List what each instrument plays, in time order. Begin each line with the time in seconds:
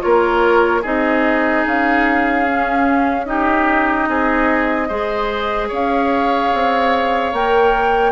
0.00 bassoon A#3, clarinet F4, oboe A#4, flute C#5
0.82 bassoon C4, clarinet D#4, oboe G#4, flute D#5
1.65 bassoon C#4, flute F5
2.47 clarinet C#4
3.25 clarinet D#4, oboe G4, flute D#5
4.08 bassoon C4, oboe G#4
4.88 bassoon G#3, clarinet G#4, oboe C5
5.68 bassoon C#4, oboe C#5, flute F5
6.53 bassoon C4
7.32 bassoon A#3, clarinet A#4, flute G5